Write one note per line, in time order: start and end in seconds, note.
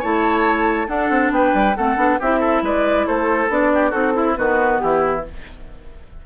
0.00 0.88 A3
0.00 0.87 E4
0.00 0.87 C#5
0.00 0.88 A5
0.87 1.74 D4
0.87 1.10 D4
0.87 1.32 A4
0.87 1.32 F#5
1.10 1.31 C4
1.31 1.52 B3
1.31 1.77 B4
1.31 1.76 G5
1.54 1.76 G3
1.76 1.97 A3
1.76 1.97 C4
1.76 2.20 A4
1.76 2.20 F#5
1.97 2.18 B3
1.97 2.18 D4
2.20 2.62 C4
2.20 3.49 E4
2.20 2.40 G4
2.20 2.65 E5
2.40 2.62 A4
2.62 3.06 G#3
2.62 3.07 B4
2.62 3.07 D5
3.07 3.49 A3
3.07 3.72 A4
3.07 3.50 C5
3.49 3.93 B3
3.49 3.92 D4
3.49 3.91 D5
3.74 3.90 G4
3.90 4.37 C4
3.90 4.14 D#4
3.90 4.12 F#4
3.90 4.35 A4
4.14 4.35 E4
4.14 4.38 E4
4.36 4.82 D#3
4.36 5.23 B3
4.36 4.81 F#4
4.36 4.79 B4
4.79 5.26 E3
4.79 5.26 E4
4.79 5.23 G4